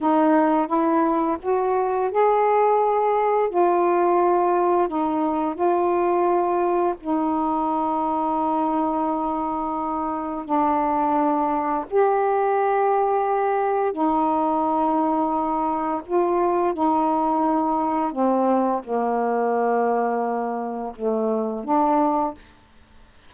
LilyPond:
\new Staff \with { instrumentName = "saxophone" } { \time 4/4 \tempo 4 = 86 dis'4 e'4 fis'4 gis'4~ | gis'4 f'2 dis'4 | f'2 dis'2~ | dis'2. d'4~ |
d'4 g'2. | dis'2. f'4 | dis'2 c'4 ais4~ | ais2 a4 d'4 | }